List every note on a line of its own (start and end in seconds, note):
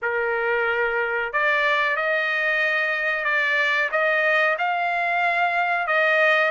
0.02 1.32 A#4
1.33 1.96 D5
1.96 3.24 D#5
3.24 3.89 D5
3.91 4.57 D#5
4.58 5.87 F5
5.87 6.51 D#5